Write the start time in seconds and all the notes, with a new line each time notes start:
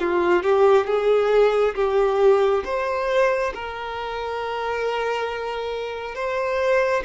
0.00 F4
0.43 G4
0.87 G#4
1.75 G4
2.65 C5
3.54 A#4
6.15 C5